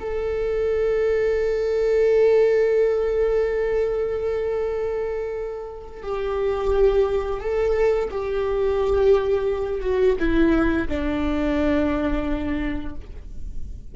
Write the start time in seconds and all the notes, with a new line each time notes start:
0.00 A4
6.03 G4
7.40 A4
8.11 G4
9.81 F#4
10.19 E4
10.88 D4